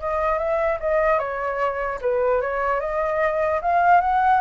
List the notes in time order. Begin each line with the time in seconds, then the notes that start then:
0.00 D#5
0.38 E5
0.80 D#5
1.19 C#5
2.01 B4
2.41 C#5
2.80 D#5
3.62 F5
4.01 F#5